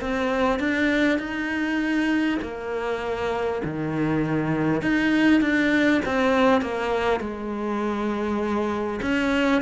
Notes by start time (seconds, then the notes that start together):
0.00 C4
0.59 D4
1.18 D#4
2.42 A#3
3.64 D#3
4.81 D#4
5.41 D4
6.05 C4
6.61 A#3
7.20 G#3
9.02 C#4